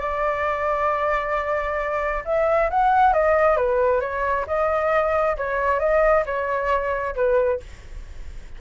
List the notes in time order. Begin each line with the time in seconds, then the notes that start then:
0.00 D5
2.25 E5
2.70 F#5
3.13 D#5
3.57 B4
4.01 C#5
4.47 D#5
5.37 C#5
5.79 D#5
6.26 C#5
7.16 B4